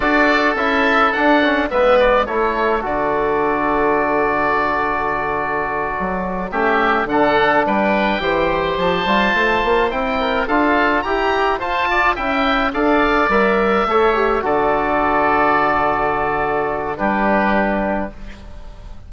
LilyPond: <<
  \new Staff \with { instrumentName = "oboe" } { \time 4/4 \tempo 4 = 106 d''4 e''4 fis''4 e''8 d''8 | cis''4 d''2.~ | d''2.~ d''8 e''8~ | e''8 fis''4 g''2 a''8~ |
a''4. g''4 f''4 ais''8~ | ais''8 a''4 g''4 f''4 e''8~ | e''4. d''2~ d''8~ | d''2 b'2 | }
  \new Staff \with { instrumentName = "oboe" } { \time 4/4 a'2. b'4 | a'1~ | a'2.~ a'8 g'8~ | g'8 a'4 b'4 c''4.~ |
c''2 ais'8 a'4 g'8~ | g'8 c''8 d''8 e''4 d''4.~ | d''8 cis''4 a'2~ a'8~ | a'2 g'2 | }
  \new Staff \with { instrumentName = "trombone" } { \time 4/4 fis'4 e'4 d'8 cis'8 b4 | e'4 fis'2.~ | fis'2.~ fis'8 cis'8~ | cis'8 d'2 g'4. |
f'4. e'4 f'4 g'8~ | g'8 f'4 e'4 a'4 ais'8~ | ais'8 a'8 g'8 fis'2~ fis'8~ | fis'2 d'2 | }
  \new Staff \with { instrumentName = "bassoon" } { \time 4/4 d'4 cis'4 d'4 gis4 | a4 d2.~ | d2~ d8 fis4 a8~ | a8 d4 g4 e4 f8 |
g8 a8 ais8 c'4 d'4 e'8~ | e'8 f'4 cis'4 d'4 g8~ | g8 a4 d2~ d8~ | d2 g2 | }
>>